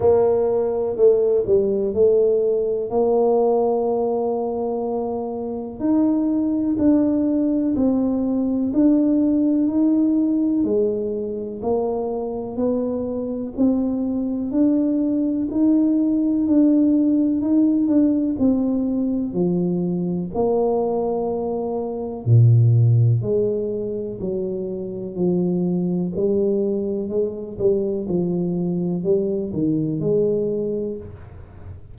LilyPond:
\new Staff \with { instrumentName = "tuba" } { \time 4/4 \tempo 4 = 62 ais4 a8 g8 a4 ais4~ | ais2 dis'4 d'4 | c'4 d'4 dis'4 gis4 | ais4 b4 c'4 d'4 |
dis'4 d'4 dis'8 d'8 c'4 | f4 ais2 ais,4 | gis4 fis4 f4 g4 | gis8 g8 f4 g8 dis8 gis4 | }